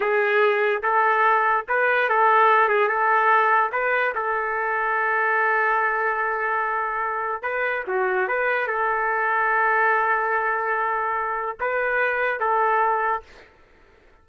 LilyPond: \new Staff \with { instrumentName = "trumpet" } { \time 4/4 \tempo 4 = 145 gis'2 a'2 | b'4 a'4. gis'8 a'4~ | a'4 b'4 a'2~ | a'1~ |
a'2 b'4 fis'4 | b'4 a'2.~ | a'1 | b'2 a'2 | }